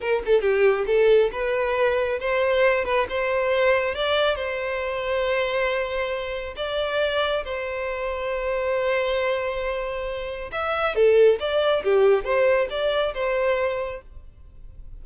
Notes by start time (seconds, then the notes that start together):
0.00 A#4
0.25 A4
0.41 G4
0.86 A4
1.31 B4
2.20 C5
2.84 B4
3.09 C5
3.94 D5
4.35 C5
6.56 D5
7.44 C5
10.51 E5
10.95 A4
11.39 D5
11.83 G4
12.24 C5
12.69 D5
13.14 C5